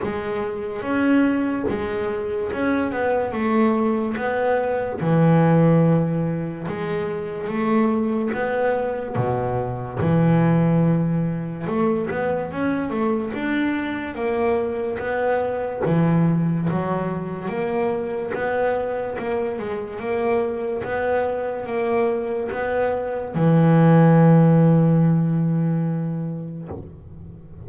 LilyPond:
\new Staff \with { instrumentName = "double bass" } { \time 4/4 \tempo 4 = 72 gis4 cis'4 gis4 cis'8 b8 | a4 b4 e2 | gis4 a4 b4 b,4 | e2 a8 b8 cis'8 a8 |
d'4 ais4 b4 e4 | fis4 ais4 b4 ais8 gis8 | ais4 b4 ais4 b4 | e1 | }